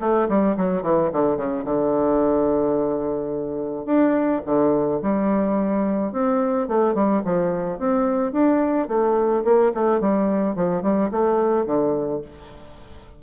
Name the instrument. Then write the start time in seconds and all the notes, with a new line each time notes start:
bassoon
0.00 A3
0.29 G3
0.57 F#3
0.83 E3
1.13 D3
1.37 C#3
1.65 D3
3.86 D4
4.46 D3
5.02 G3
6.13 C4
6.68 A3
6.94 G3
7.25 F3
7.79 C4
8.32 D4
8.88 A3
9.44 A#3
9.74 A3
10.00 G3
10.56 F3
10.82 G3
11.11 A3
11.66 D3